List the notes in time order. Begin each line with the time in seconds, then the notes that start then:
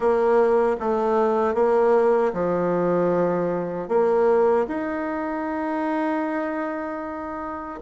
0.00 A#3
0.80 A3
1.54 A#3
2.33 F3
3.88 A#3
4.67 D#4